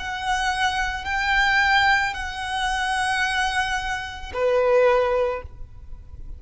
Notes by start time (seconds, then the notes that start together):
0.00 F#5
1.05 G5
2.14 F#5
4.33 B4